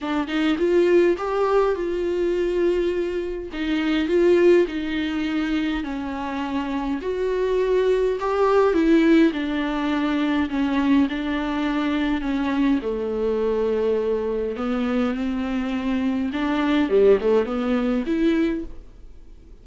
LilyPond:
\new Staff \with { instrumentName = "viola" } { \time 4/4 \tempo 4 = 103 d'8 dis'8 f'4 g'4 f'4~ | f'2 dis'4 f'4 | dis'2 cis'2 | fis'2 g'4 e'4 |
d'2 cis'4 d'4~ | d'4 cis'4 a2~ | a4 b4 c'2 | d'4 g8 a8 b4 e'4 | }